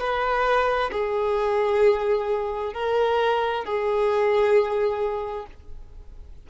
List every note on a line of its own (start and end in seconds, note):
0.00 0.91 B4
0.92 2.74 G#4
2.74 3.65 A#4
3.65 5.47 G#4